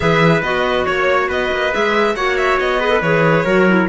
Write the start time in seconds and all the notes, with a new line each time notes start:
0.00 E3 G#4 B4 E5
0.42 B3 F#4 D#5
0.85 A#3 C#5
1.28 B3 B4 D#5
1.51 A#3
1.71 G#3 G#4 E5
2.15 A#3 F#4 C#5 F#5
2.37 E5
2.59 B3 D#5
2.79 G#4 B4
2.89 A4
3.01 E3 G#4 C#5
3.44 F#3 F#4 A#4
3.67 E4